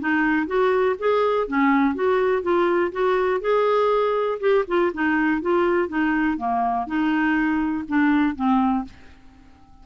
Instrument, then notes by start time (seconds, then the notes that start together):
clarinet
0.00 D#4
0.47 F#4
0.99 G#4
1.48 C#4
1.95 F#4
2.42 F4
2.92 F#4
3.41 G#4
4.40 G4
4.67 F4
4.94 D#4
5.42 F4
5.88 D#4
6.38 A#3
6.87 D#4
7.88 D4
8.35 C4